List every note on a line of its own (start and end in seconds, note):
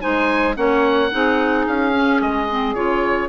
0.00 0.57 G#3
0.00 0.55 D#4
0.00 0.56 C5
0.00 0.56 G#5
0.55 1.11 A#3
0.55 1.10 C#4
0.55 1.11 C#5
0.55 1.66 F#5
1.10 1.67 C4
1.10 1.92 D#4
1.10 3.29 G#4
1.67 2.21 C#4
1.67 2.22 F5
1.93 2.48 C#4
2.21 2.75 G#3
2.21 2.74 D#5
2.49 2.75 C4
2.74 3.29 C#3
2.74 3.29 F4
2.74 3.29 C#5